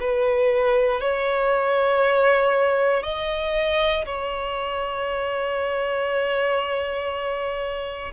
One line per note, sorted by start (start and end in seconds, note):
0.00 1.01 B4
1.01 3.03 C#5
3.03 4.05 D#5
4.05 8.12 C#5